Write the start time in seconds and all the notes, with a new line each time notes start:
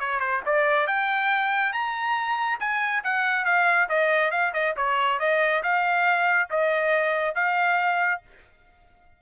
0.00 C#5
0.20 C5
0.46 D5
0.87 G5
1.73 A#5
2.60 G#5
3.04 F#5
3.46 F5
3.89 D#5
4.31 F5
4.54 D#5
4.77 C#5
5.20 D#5
5.63 F5
6.51 D#5
7.36 F5